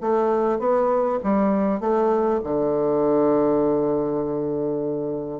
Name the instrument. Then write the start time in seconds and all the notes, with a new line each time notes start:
bassoon
0.00 A3
0.59 B3
1.23 G3
1.80 A3
2.44 D3